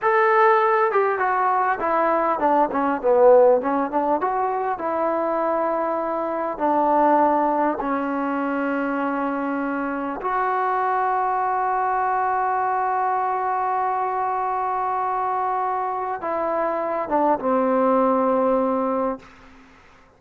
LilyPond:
\new Staff \with { instrumentName = "trombone" } { \time 4/4 \tempo 4 = 100 a'4. g'8 fis'4 e'4 | d'8 cis'8 b4 cis'8 d'8 fis'4 | e'2. d'4~ | d'4 cis'2.~ |
cis'4 fis'2.~ | fis'1~ | fis'2. e'4~ | e'8 d'8 c'2. | }